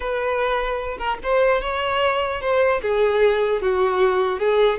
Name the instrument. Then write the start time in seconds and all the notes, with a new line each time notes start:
violin
0.00 B4
0.97 A#4
1.23 C5
1.61 C#5
2.41 C5
2.82 G#4
3.61 F#4
4.39 G#4